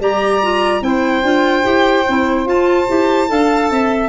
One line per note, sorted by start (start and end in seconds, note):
0.00 0.82 G3
0.00 0.41 G4
0.00 0.83 D5
0.00 0.83 A#5
0.43 0.81 F4
0.81 1.23 C4
0.81 1.22 E4
0.81 3.30 C5
0.81 2.48 G5
1.23 1.64 D4
1.23 1.63 F4
1.63 2.06 E4
1.63 2.04 G4
2.09 2.45 C4
2.09 2.46 E4
2.45 2.86 F4
2.45 2.87 F4
2.45 4.09 A5
2.88 3.30 E4
2.88 3.28 G4
3.28 3.71 D4
3.28 4.09 A4
3.28 3.71 F5
3.71 4.09 C4
3.71 4.09 E5